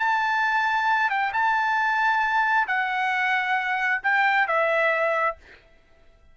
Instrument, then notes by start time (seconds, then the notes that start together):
trumpet
0.00 A5
1.10 G5
1.34 A5
2.68 F#5
4.03 G5
4.48 E5